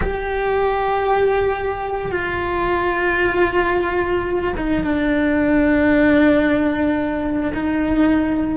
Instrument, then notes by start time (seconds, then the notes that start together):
cello
0.01 G4
2.11 F4
4.56 D#4
4.83 D4
7.54 D#4